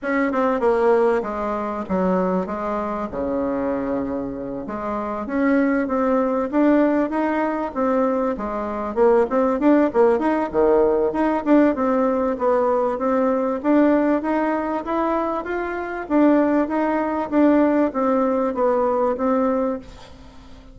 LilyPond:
\new Staff \with { instrumentName = "bassoon" } { \time 4/4 \tempo 4 = 97 cis'8 c'8 ais4 gis4 fis4 | gis4 cis2~ cis8 gis8~ | gis8 cis'4 c'4 d'4 dis'8~ | dis'8 c'4 gis4 ais8 c'8 d'8 |
ais8 dis'8 dis4 dis'8 d'8 c'4 | b4 c'4 d'4 dis'4 | e'4 f'4 d'4 dis'4 | d'4 c'4 b4 c'4 | }